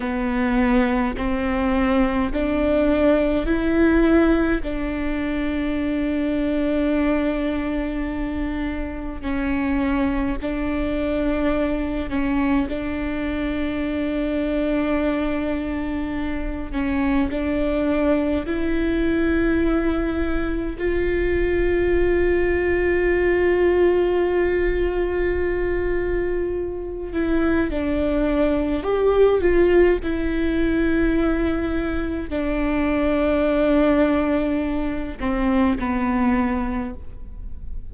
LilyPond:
\new Staff \with { instrumentName = "viola" } { \time 4/4 \tempo 4 = 52 b4 c'4 d'4 e'4 | d'1 | cis'4 d'4. cis'8 d'4~ | d'2~ d'8 cis'8 d'4 |
e'2 f'2~ | f'2.~ f'8 e'8 | d'4 g'8 f'8 e'2 | d'2~ d'8 c'8 b4 | }